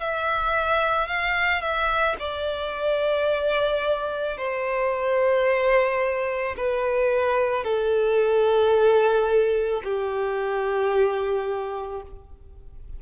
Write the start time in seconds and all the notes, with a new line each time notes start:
0.00 E5
1.07 F5
1.61 E5
2.19 D5
4.37 C5
6.56 B4
7.64 A4
9.84 G4